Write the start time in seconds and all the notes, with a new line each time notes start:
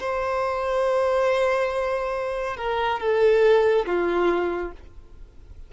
0.00 C5
2.57 A#4
3.00 A4
3.86 F4